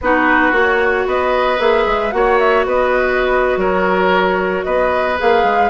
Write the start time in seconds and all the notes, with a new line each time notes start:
0.01 B3 D#4 F#4 B4
0.51 A#3 F#4 C#5
1.06 B3 B4 D#5
1.58 A#3 G#4 E5
1.86 G#3
2.11 A#3 F#4 C#5 F#5
2.38 E5
2.65 B3 B4 D#5
3.56 F#3 A#4 C#5
4.64 B3 B4 D#5
5.18 A#3 G#4 F5
5.43 G#3